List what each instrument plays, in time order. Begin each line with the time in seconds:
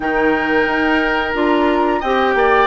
0.00 bassoon D#3, clarinet D#4, oboe A#4, flute G5
0.66 bassoon D#4
1.34 bassoon D4, clarinet F4, flute A#5
1.99 bassoon C4, clarinet G4, oboe D#5, flute G5
2.34 bassoon A#3, oboe D5